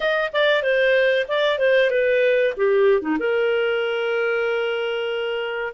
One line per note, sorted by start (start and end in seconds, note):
0.00 0.31 D#5
0.32 0.62 D5
0.62 1.26 C5
1.28 1.58 D5
1.58 1.90 C5
1.90 2.54 B4
2.56 3.01 G4
3.01 3.17 D#4
3.19 5.73 A#4